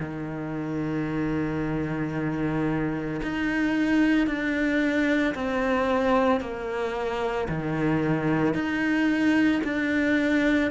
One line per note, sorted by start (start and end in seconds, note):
0.00 3.21 D#3
3.23 4.27 D#4
4.27 5.34 D4
5.35 6.41 C4
6.41 7.48 A#3
7.49 8.55 D#3
8.55 9.62 D#4
9.64 10.71 D4